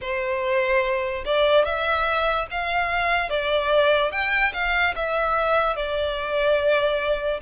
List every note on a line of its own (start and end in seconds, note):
0.01 1.24 C5
1.25 1.64 D5
1.64 2.47 E5
2.50 3.29 F5
3.29 4.11 D5
4.11 4.52 G5
4.53 4.94 F5
4.95 5.75 E5
5.75 7.40 D5